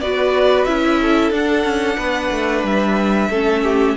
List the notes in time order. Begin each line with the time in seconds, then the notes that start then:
0.00 B3 F#4 B4 D5
0.65 C#4 E4 E5
1.02 A4
1.31 D4 F#5
1.64 C#4
1.98 B3 B4
2.32 A3
2.64 G3 E5
3.30 A3 C#4 A4
3.63 G4